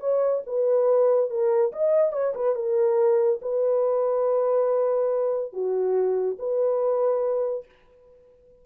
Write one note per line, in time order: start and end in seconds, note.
0.00 0.42 C#5
0.46 1.30 B4
1.30 1.72 A#4
1.72 2.13 D#5
2.13 2.34 C#5
2.35 2.55 B4
2.55 3.40 A#4
3.42 5.53 B4
5.53 6.37 F#4
6.39 7.66 B4